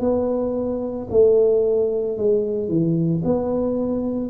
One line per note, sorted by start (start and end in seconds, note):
0.00 1.07 B3
1.10 2.17 A3
2.17 2.68 G#3
2.68 3.22 E3
3.24 4.30 B3